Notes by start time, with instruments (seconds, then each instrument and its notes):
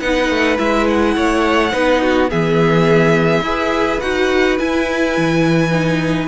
0.00 cello B3, viola D#4, violin B4 F#5
0.30 cello A3
0.56 cello G#3, viola E4, violin E5
0.87 violin F#5
1.16 cello A3, violin C#5
1.72 cello B3, viola D#4, violin B4
2.01 violin F#4
2.28 cello E3, viola B3, violin G#4 E5
3.40 cello E4, viola G#4, violin B4
4.00 cello D#4, viola F#4, violin F#5
4.59 viola E4, cello E4, violin G#5
5.17 cello E3
5.71 viola D#4